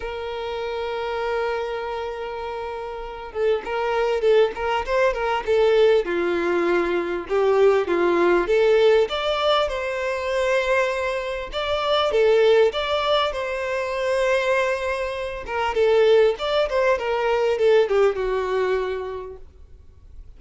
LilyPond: \new Staff \with { instrumentName = "violin" } { \time 4/4 \tempo 4 = 99 ais'1~ | ais'4. a'8 ais'4 a'8 ais'8 | c''8 ais'8 a'4 f'2 | g'4 f'4 a'4 d''4 |
c''2. d''4 | a'4 d''4 c''2~ | c''4. ais'8 a'4 d''8 c''8 | ais'4 a'8 g'8 fis'2 | }